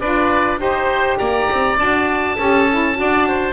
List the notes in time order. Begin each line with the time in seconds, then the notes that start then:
0.00 D4 F4 B4 D5
0.58 D#4 G4 C5
1.18 A#3 D5 A#5
1.50 C4
1.77 D4 F#4 A5
2.37 C#4 G4 A4
2.70 E4
2.95 D4 F#4 D5
3.28 C5